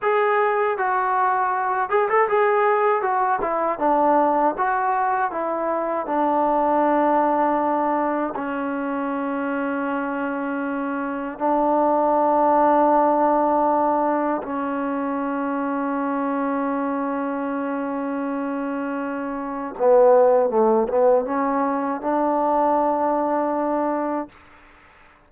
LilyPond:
\new Staff \with { instrumentName = "trombone" } { \time 4/4 \tempo 4 = 79 gis'4 fis'4. gis'16 a'16 gis'4 | fis'8 e'8 d'4 fis'4 e'4 | d'2. cis'4~ | cis'2. d'4~ |
d'2. cis'4~ | cis'1~ | cis'2 b4 a8 b8 | cis'4 d'2. | }